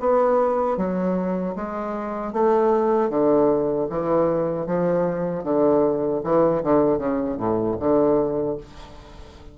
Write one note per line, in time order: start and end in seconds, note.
0.00 0.77 B3
0.77 1.55 F#3
1.55 2.33 G#3
2.33 3.10 A3
3.10 3.88 D3
3.90 4.66 E3
4.66 5.44 F3
5.44 6.22 D3
6.24 6.63 E3
6.63 6.98 D3
6.98 7.37 C#3
7.37 7.76 A2
7.80 8.57 D3